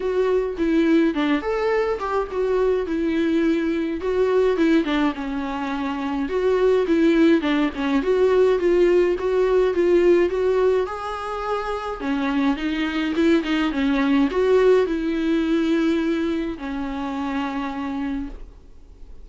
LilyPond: \new Staff \with { instrumentName = "viola" } { \time 4/4 \tempo 4 = 105 fis'4 e'4 d'8 a'4 g'8 | fis'4 e'2 fis'4 | e'8 d'8 cis'2 fis'4 | e'4 d'8 cis'8 fis'4 f'4 |
fis'4 f'4 fis'4 gis'4~ | gis'4 cis'4 dis'4 e'8 dis'8 | cis'4 fis'4 e'2~ | e'4 cis'2. | }